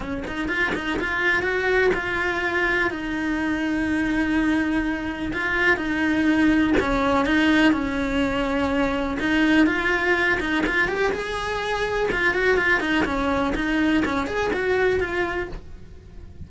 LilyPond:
\new Staff \with { instrumentName = "cello" } { \time 4/4 \tempo 4 = 124 cis'8 dis'8 f'8 dis'8 f'4 fis'4 | f'2 dis'2~ | dis'2. f'4 | dis'2 cis'4 dis'4 |
cis'2. dis'4 | f'4. dis'8 f'8 g'8 gis'4~ | gis'4 f'8 fis'8 f'8 dis'8 cis'4 | dis'4 cis'8 gis'8 fis'4 f'4 | }